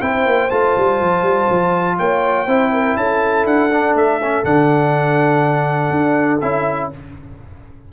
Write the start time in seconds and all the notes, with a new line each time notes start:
0.00 C4 E4 C5 G5
0.25 A#3
0.49 A3 F4 A5
0.77 G3
1.00 F3
1.22 G3
1.50 F3
1.98 A#3 C#5 G5
2.47 C4 E4 C5
2.72 A#4
2.96 C#4 A4 A5
3.45 D4 F#5
3.71 D4
3.94 A3 E5
4.22 C#4
4.44 D3 D4 F#5
5.90 D4
6.40 C#4 E4 E5